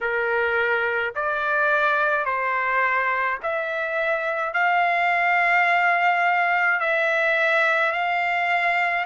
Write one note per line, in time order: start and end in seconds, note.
0.00 1.13 A#4
1.15 2.25 D5
2.25 3.38 C5
3.42 4.53 E5
4.53 6.79 F5
6.79 7.92 E5
7.92 9.05 F5